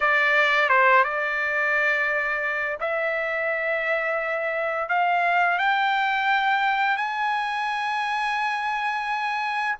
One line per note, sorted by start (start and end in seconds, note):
0.00 0.68 D5
0.68 1.03 C5
1.04 2.78 D5
2.80 4.88 E5
4.88 5.58 F5
5.58 6.96 G5
6.96 9.75 G#5